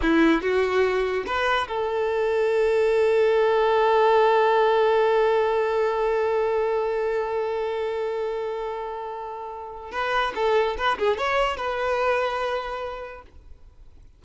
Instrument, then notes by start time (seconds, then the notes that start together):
violin
0.02 E4
0.41 F#4
1.26 B4
1.68 A4
9.91 B4
10.35 A4
10.77 B4
10.98 G#4
11.17 C#5
11.56 B4